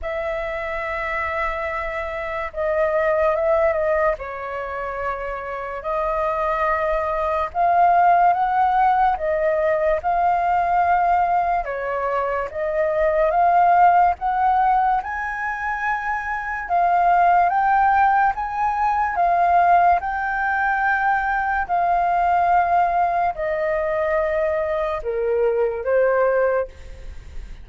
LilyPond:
\new Staff \with { instrumentName = "flute" } { \time 4/4 \tempo 4 = 72 e''2. dis''4 | e''8 dis''8 cis''2 dis''4~ | dis''4 f''4 fis''4 dis''4 | f''2 cis''4 dis''4 |
f''4 fis''4 gis''2 | f''4 g''4 gis''4 f''4 | g''2 f''2 | dis''2 ais'4 c''4 | }